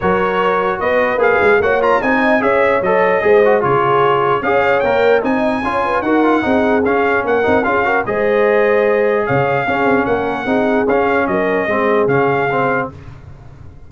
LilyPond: <<
  \new Staff \with { instrumentName = "trumpet" } { \time 4/4 \tempo 4 = 149 cis''2 dis''4 f''4 | fis''8 ais''8 gis''4 e''4 dis''4~ | dis''4 cis''2 f''4 | g''4 gis''2 fis''4~ |
fis''4 f''4 fis''4 f''4 | dis''2. f''4~ | f''4 fis''2 f''4 | dis''2 f''2 | }
  \new Staff \with { instrumentName = "horn" } { \time 4/4 ais'2 b'2 | cis''4 dis''4 cis''2 | c''4 gis'2 cis''4~ | cis''4 dis''4 cis''8 b'8 ais'4 |
gis'2 ais'4 gis'8 ais'8 | c''2. cis''4 | gis'4 ais'4 gis'2 | ais'4 gis'2. | }
  \new Staff \with { instrumentName = "trombone" } { \time 4/4 fis'2. gis'4 | fis'8 f'8 dis'4 gis'4 a'4 | gis'8 fis'8 f'2 gis'4 | ais'4 dis'4 f'4 fis'8 f'8 |
dis'4 cis'4. dis'8 f'8 fis'8 | gis'1 | cis'2 dis'4 cis'4~ | cis'4 c'4 cis'4 c'4 | }
  \new Staff \with { instrumentName = "tuba" } { \time 4/4 fis2 b4 ais8 gis8 | ais4 c'4 cis'4 fis4 | gis4 cis2 cis'4 | ais4 c'4 cis'4 dis'4 |
c'4 cis'4 ais8 c'8 cis'4 | gis2. cis4 | cis'8 c'8 ais4 c'4 cis'4 | fis4 gis4 cis2 | }
>>